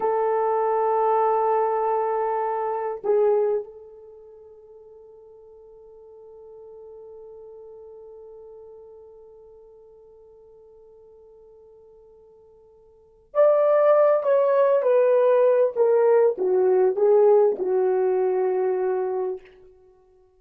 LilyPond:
\new Staff \with { instrumentName = "horn" } { \time 4/4 \tempo 4 = 99 a'1~ | a'4 gis'4 a'2~ | a'1~ | a'1~ |
a'1~ | a'2 d''4. cis''8~ | cis''8 b'4. ais'4 fis'4 | gis'4 fis'2. | }